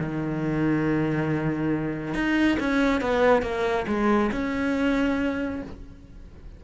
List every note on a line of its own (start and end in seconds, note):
0.00 2.14 D#3
2.14 2.58 D#4
2.60 3.01 C#4
3.01 3.42 B3
3.42 3.86 A#3
3.88 4.31 G#3
4.32 5.63 C#4